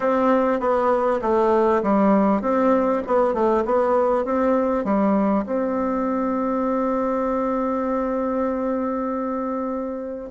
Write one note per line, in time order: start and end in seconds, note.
0.00 0.60 C4
0.60 1.20 B3
1.21 1.82 A3
1.83 2.41 G3
2.41 3.02 C4
3.06 3.33 B3
3.33 3.64 A3
3.65 4.25 B3
4.25 4.84 C4
4.84 5.44 G3
5.45 10.30 C4